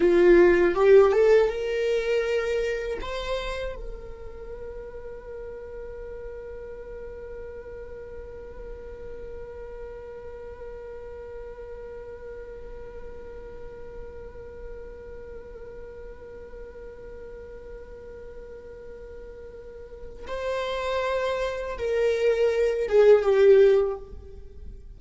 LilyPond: \new Staff \with { instrumentName = "viola" } { \time 4/4 \tempo 4 = 80 f'4 g'8 a'8 ais'2 | c''4 ais'2.~ | ais'1~ | ais'1~ |
ais'1~ | ais'1~ | ais'2. c''4~ | c''4 ais'4. gis'8 g'4 | }